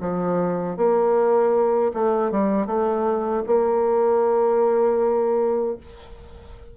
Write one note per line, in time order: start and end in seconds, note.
0.00 0.76 F3
0.76 1.92 A#3
1.93 2.31 A3
2.31 2.66 G3
2.66 3.43 A3
3.46 5.77 A#3